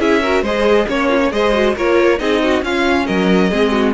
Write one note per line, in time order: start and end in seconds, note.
0.00 0.42 C#4
0.00 0.22 E4
0.00 0.22 G#4
0.00 0.45 E5
0.22 0.46 F#4
0.22 0.43 A#4
0.42 0.86 G#3
0.42 0.89 G#4
0.42 0.87 C5
0.42 0.89 D#5
0.88 1.32 A#3
0.88 1.32 C#4
0.88 1.09 C#5
0.88 1.32 C#5
1.09 1.20 F4
1.22 1.33 C#5
1.32 1.76 G#3
1.32 1.53 G#4
1.32 1.76 C5
1.32 1.76 D#5
1.53 1.75 F#4
1.76 2.20 A#3
1.76 2.19 F4
1.76 2.20 A#4
1.76 2.20 C#5
2.19 2.62 C4
2.19 2.63 D#4
2.19 2.43 G#4
2.19 2.63 D#5
2.43 2.65 F#4
2.62 3.06 C#4
2.62 3.51 C#4
2.62 3.07 F4
2.62 3.07 F5
3.07 3.52 F#3
3.07 3.50 A#4
3.07 3.94 D#5
3.51 3.95 G#3
3.51 3.95 C4
3.51 3.72 G#4
3.72 3.94 F#4